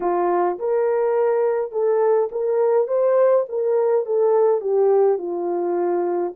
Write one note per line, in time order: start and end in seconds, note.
0.00 0.58 F4
0.58 1.71 A#4
1.71 2.29 A4
2.31 2.87 A#4
2.87 3.45 C5
3.49 4.05 A#4
4.05 4.60 A4
4.60 5.17 G4
5.17 6.33 F4